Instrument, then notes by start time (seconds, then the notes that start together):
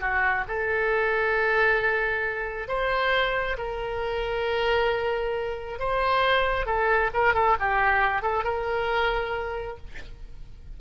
oboe
0.00 F#4
0.48 A4
2.68 C5
3.58 A#4
5.79 C5
6.66 A4
7.14 A#4
7.34 A4
7.60 G4
8.22 A4
8.44 A#4